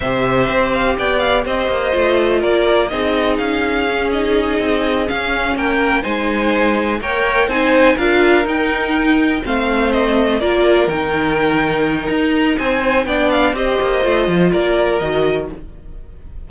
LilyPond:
<<
  \new Staff \with { instrumentName = "violin" } { \time 4/4 \tempo 4 = 124 e''4. f''8 g''8 f''8 dis''4~ | dis''4 d''4 dis''4 f''4~ | f''8 dis''2 f''4 g''8~ | g''8 gis''2 g''4 gis''8~ |
gis''8 f''4 g''2 f''8~ | f''8 dis''4 d''4 g''4.~ | g''4 ais''4 gis''4 g''8 f''8 | dis''2 d''4 dis''4 | }
  \new Staff \with { instrumentName = "violin" } { \time 4/4 c''2 d''4 c''4~ | c''4 ais'4 gis'2~ | gis'2.~ gis'8 ais'8~ | ais'8 c''2 cis''4 c''8~ |
c''8 ais'2. c''8~ | c''4. ais'2~ ais'8~ | ais'2 c''4 d''4 | c''2 ais'2 | }
  \new Staff \with { instrumentName = "viola" } { \time 4/4 g'1 | f'2 dis'2 | cis'8 dis'2 cis'4.~ | cis'8 dis'2 ais'4 dis'8~ |
dis'8 f'4 dis'2 c'8~ | c'4. f'4 dis'4.~ | dis'2. d'4 | g'4 f'2 fis'4 | }
  \new Staff \with { instrumentName = "cello" } { \time 4/4 c4 c'4 b4 c'8 ais8 | a4 ais4 c'4 cis'4~ | cis'4. c'4 cis'4 ais8~ | ais8 gis2 ais4 c'8~ |
c'8 d'4 dis'2 a8~ | a4. ais4 dis4.~ | dis4 dis'4 c'4 b4 | c'8 ais8 a8 f8 ais4 dis4 | }
>>